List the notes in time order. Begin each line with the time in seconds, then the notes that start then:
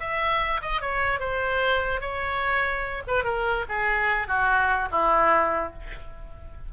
0.00 E5
0.62 D#5
0.82 C#5
1.20 C5
2.01 C#5
3.08 B4
3.25 A#4
3.69 G#4
4.28 F#4
4.92 E4